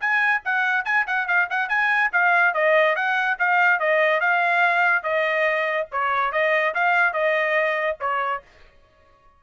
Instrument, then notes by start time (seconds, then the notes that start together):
trumpet
0.00 G#5
0.45 F#5
0.85 G#5
1.07 F#5
1.27 F5
1.50 F#5
1.69 G#5
2.12 F5
2.54 D#5
2.95 F#5
3.39 F5
3.79 D#5
4.20 F5
5.03 D#5
5.91 C#5
6.32 D#5
6.74 F5
7.13 D#5
8.00 C#5